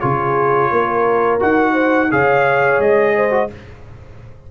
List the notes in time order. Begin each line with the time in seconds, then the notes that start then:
0.00 C#3 F4 G#4 C#5
0.71 A#3 A#4
1.39 D#4 F#4 F#5
1.73 C5
2.11 C#3 G#4 C#5 F5
2.79 G#3 D#5
3.16 C5
3.31 F#4